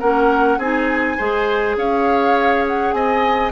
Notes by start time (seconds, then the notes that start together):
0.00 A#3 C#4 A#4 F#5
0.58 C4 D#4 G#4 G#5
1.17 G#3 G#4 C5
1.76 C#4 C#5 F5
2.68 F#5
2.92 C4 D#5 G#5